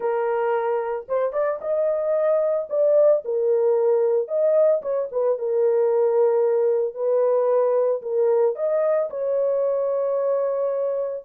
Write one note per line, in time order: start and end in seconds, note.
0.00 1.06 A#4
1.08 1.32 C5
1.32 1.59 D5
1.61 2.68 D#5
2.69 3.23 D5
3.24 4.28 A#4
4.28 4.81 D#5
4.82 5.08 C#5
5.11 5.38 B4
5.38 6.94 A#4
6.94 8.01 B4
8.02 8.55 A#4
8.55 9.09 D#5
9.09 11.24 C#5